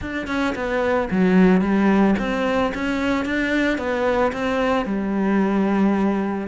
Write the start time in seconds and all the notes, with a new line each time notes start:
0.01 D4
0.27 C#4
0.55 B3
1.10 F#3
1.61 G3
2.18 C4
2.74 C#4
3.25 D4
3.78 B3
4.32 C4
4.85 G3